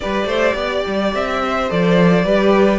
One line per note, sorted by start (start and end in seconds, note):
0.00 0.25 G3
0.00 1.68 G4
0.00 0.27 B4
0.00 1.12 D5
0.25 0.53 A3
0.25 0.55 C5
0.54 0.82 B3
0.54 1.42 D5
0.87 1.14 G3
1.14 1.70 C4
1.14 1.70 E5
1.43 2.25 C5
1.68 2.24 F3
1.68 2.25 A4
1.68 2.78 D5
2.24 2.78 G3
2.24 2.78 G4
2.24 2.78 B4